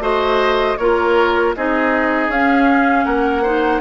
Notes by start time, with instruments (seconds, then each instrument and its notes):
0.00 bassoon A3, clarinet F#4, oboe C5, flute D#5
0.77 bassoon A#3, clarinet F4, oboe A#4, flute C#5
1.56 bassoon C4, clarinet D#4, oboe G#4, flute D#5
2.28 bassoon C#4, clarinet C#4, flute F5
3.05 bassoon A#3, oboe A#4, flute F#5
3.43 clarinet D#4, oboe C5